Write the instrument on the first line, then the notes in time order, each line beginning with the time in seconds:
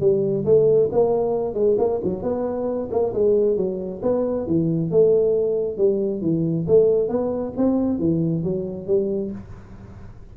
tuba
0.00 G3
0.45 A3
0.92 A#3
1.54 G#3
1.78 A#3
2.03 F#3
2.22 B3
2.91 A#3
3.13 G#3
3.57 F#3
4.02 B3
4.46 E3
4.91 A3
5.77 G3
6.21 E3
6.67 A3
7.08 B3
7.57 C4
7.99 E3
8.43 F#3
8.87 G3